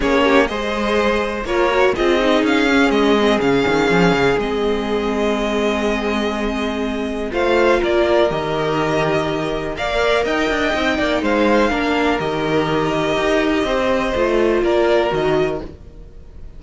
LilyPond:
<<
  \new Staff \with { instrumentName = "violin" } { \time 4/4 \tempo 4 = 123 cis''4 dis''2 cis''4 | dis''4 f''4 dis''4 f''4~ | f''4 dis''2.~ | dis''2. f''4 |
d''4 dis''2. | f''4 g''2 f''4~ | f''4 dis''2.~ | dis''2 d''4 dis''4 | }
  \new Staff \with { instrumentName = "violin" } { \time 4/4 gis'8 g'8 c''2 ais'4 | gis'1~ | gis'1~ | gis'2. c''4 |
ais'1 | d''4 dis''4. d''8 c''4 | ais'1 | c''2 ais'2 | }
  \new Staff \with { instrumentName = "viola" } { \time 4/4 cis'4 gis'2 f'8 fis'8 | f'8 dis'4 cis'4 c'8 cis'4~ | cis'4 c'2.~ | c'2. f'4~ |
f'4 g'2. | ais'2 dis'2 | d'4 g'2.~ | g'4 f'2 fis'4 | }
  \new Staff \with { instrumentName = "cello" } { \time 4/4 ais4 gis2 ais4 | c'4 cis'4 gis4 cis8 dis8 | f8 cis8 gis2.~ | gis2. a4 |
ais4 dis2. | ais4 dis'8 d'8 c'8 ais8 gis4 | ais4 dis2 dis'4 | c'4 a4 ais4 dis4 | }
>>